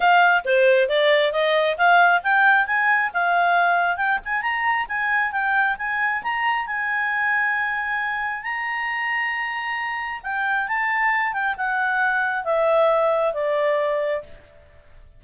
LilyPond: \new Staff \with { instrumentName = "clarinet" } { \time 4/4 \tempo 4 = 135 f''4 c''4 d''4 dis''4 | f''4 g''4 gis''4 f''4~ | f''4 g''8 gis''8 ais''4 gis''4 | g''4 gis''4 ais''4 gis''4~ |
gis''2. ais''4~ | ais''2. g''4 | a''4. g''8 fis''2 | e''2 d''2 | }